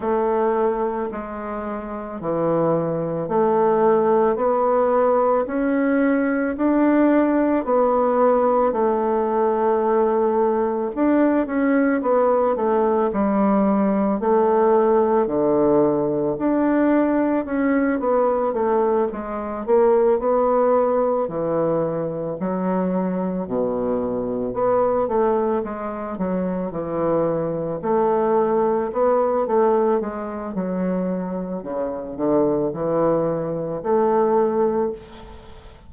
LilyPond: \new Staff \with { instrumentName = "bassoon" } { \time 4/4 \tempo 4 = 55 a4 gis4 e4 a4 | b4 cis'4 d'4 b4 | a2 d'8 cis'8 b8 a8 | g4 a4 d4 d'4 |
cis'8 b8 a8 gis8 ais8 b4 e8~ | e8 fis4 b,4 b8 a8 gis8 | fis8 e4 a4 b8 a8 gis8 | fis4 cis8 d8 e4 a4 | }